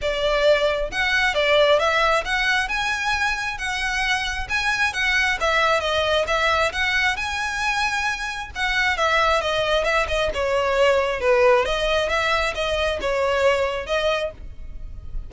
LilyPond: \new Staff \with { instrumentName = "violin" } { \time 4/4 \tempo 4 = 134 d''2 fis''4 d''4 | e''4 fis''4 gis''2 | fis''2 gis''4 fis''4 | e''4 dis''4 e''4 fis''4 |
gis''2. fis''4 | e''4 dis''4 e''8 dis''8 cis''4~ | cis''4 b'4 dis''4 e''4 | dis''4 cis''2 dis''4 | }